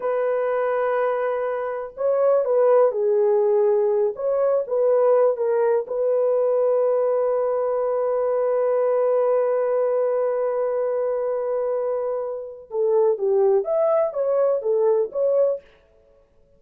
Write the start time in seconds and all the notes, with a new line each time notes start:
0.00 B4
1.96 C#5
2.44 B4
2.91 G#4
4.15 C#5
4.67 B4
5.37 A#4
5.87 B4
12.70 A4
13.18 G4
13.64 E5
14.13 C#5
14.62 A4
15.12 C#5